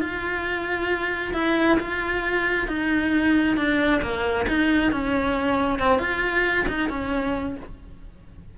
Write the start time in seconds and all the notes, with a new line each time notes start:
0.00 F4
1.33 E4
1.79 F4
2.67 D#4
3.56 D4
4.01 A#3
4.47 D#4
4.91 C#4
5.79 C4
5.99 F4
6.68 D#4
6.89 C#4